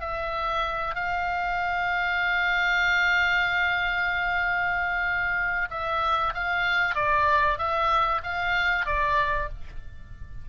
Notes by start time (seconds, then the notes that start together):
0.00 E5
0.95 F5
5.70 E5
6.34 F5
6.95 D5
7.58 E5
8.23 F5
8.85 D5